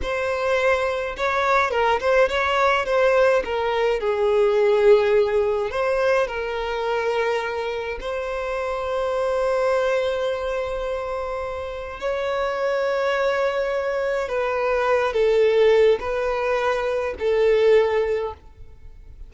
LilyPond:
\new Staff \with { instrumentName = "violin" } { \time 4/4 \tempo 4 = 105 c''2 cis''4 ais'8 c''8 | cis''4 c''4 ais'4 gis'4~ | gis'2 c''4 ais'4~ | ais'2 c''2~ |
c''1~ | c''4 cis''2.~ | cis''4 b'4. a'4. | b'2 a'2 | }